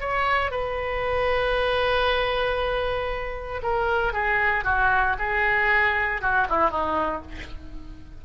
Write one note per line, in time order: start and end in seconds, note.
0.00 0.51 C#5
0.51 3.61 B4
3.62 4.13 A#4
4.13 4.64 G#4
4.64 5.16 F#4
5.18 6.21 G#4
6.21 6.47 F#4
6.49 6.70 E4
6.70 7.22 D#4